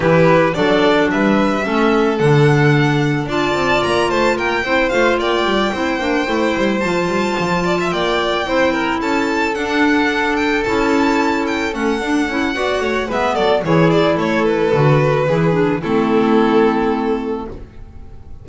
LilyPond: <<
  \new Staff \with { instrumentName = "violin" } { \time 4/4 \tempo 4 = 110 b'4 d''4 e''2 | fis''2 a''4 ais''8 a''8 | g''4 f''8 g''2~ g''8~ | g''8 a''2 g''4.~ |
g''8 a''4 fis''4. g''8 a''8~ | a''4 g''8 fis''2~ fis''8 | e''8 d''8 cis''8 d''8 cis''8 b'4.~ | b'4 a'2. | }
  \new Staff \with { instrumentName = "violin" } { \time 4/4 g'4 a'4 b'4 a'4~ | a'2 d''4. c''8 | ais'8 c''4 d''4 c''4.~ | c''2 d''16 e''16 d''4 c''8 |
ais'8 a'2.~ a'8~ | a'2. d''8 cis''8 | b'8 a'8 gis'4 a'2 | gis'4 e'2. | }
  \new Staff \with { instrumentName = "clarinet" } { \time 4/4 e'4 d'2 cis'4 | d'2 f'2~ | f'8 e'8 f'4. e'8 d'8 e'8~ | e'8 f'2. e'8~ |
e'4. d'2 e'8~ | e'4. cis'8 d'8 e'8 fis'4 | b4 e'2 fis'4 | e'8 d'8 c'2. | }
  \new Staff \with { instrumentName = "double bass" } { \time 4/4 e4 fis4 g4 a4 | d2 d'8 c'8 ais8 a8 | ais8 c'8 a8 ais8 g8 c'8 ais8 a8 | g8 f8 g8 f4 ais4 c'8~ |
c'8 cis'4 d'2 cis'8~ | cis'4. a8 d'8 cis'8 b8 a8 | gis8 fis8 e4 a4 d4 | e4 a2. | }
>>